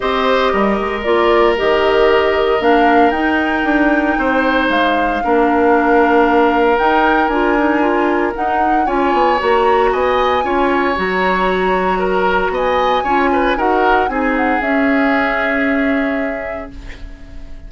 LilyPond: <<
  \new Staff \with { instrumentName = "flute" } { \time 4/4 \tempo 4 = 115 dis''2 d''4 dis''4~ | dis''4 f''4 g''2~ | g''4 f''2.~ | f''4 g''4 gis''2 |
fis''4 gis''4 ais''4 gis''4~ | gis''4 ais''2. | gis''2 fis''4 gis''8 fis''8 | e''1 | }
  \new Staff \with { instrumentName = "oboe" } { \time 4/4 c''4 ais'2.~ | ais'1 | c''2 ais'2~ | ais'1~ |
ais'4 cis''2 dis''4 | cis''2. ais'4 | dis''4 cis''8 b'8 ais'4 gis'4~ | gis'1 | }
  \new Staff \with { instrumentName = "clarinet" } { \time 4/4 g'2 f'4 g'4~ | g'4 d'4 dis'2~ | dis'2 d'2~ | d'4 dis'4 f'8 dis'8 f'4 |
dis'4 f'4 fis'2 | f'4 fis'2.~ | fis'4 f'4 fis'4 dis'4 | cis'1 | }
  \new Staff \with { instrumentName = "bassoon" } { \time 4/4 c'4 g8 gis8 ais4 dis4~ | dis4 ais4 dis'4 d'4 | c'4 gis4 ais2~ | ais4 dis'4 d'2 |
dis'4 cis'8 b8 ais4 b4 | cis'4 fis2. | b4 cis'4 dis'4 c'4 | cis'1 | }
>>